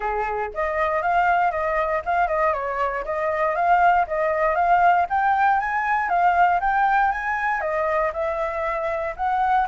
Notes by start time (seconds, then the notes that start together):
0.00 G#4
0.54 D#5
1.02 F5
1.51 D#5
2.05 F5
2.27 D#5
2.53 C#5
3.04 D#5
3.55 F5
4.07 D#5
4.55 F5
5.09 G5
5.59 G#5
6.09 F5
6.60 G5
7.11 G#5
7.60 D#5
8.13 E5
9.16 F#5